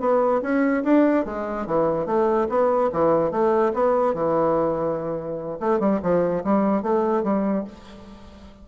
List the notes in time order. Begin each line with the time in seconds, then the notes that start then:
0.00 B3
0.42 C#4
0.84 D4
1.25 G#3
1.66 E3
2.06 A3
2.49 B3
2.93 E3
3.31 A3
3.74 B3
4.14 E3
5.60 A3
5.80 G3
6.02 F3
6.44 G3
6.83 A3
7.23 G3